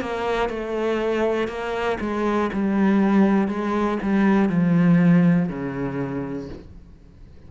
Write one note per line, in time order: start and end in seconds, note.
0.00 0.49 A#3
0.49 1.48 A3
1.48 1.98 A#3
2.00 2.50 G#3
2.53 3.47 G3
3.47 3.97 G#3
4.02 4.49 G3
4.49 5.48 F3
5.48 6.48 C#3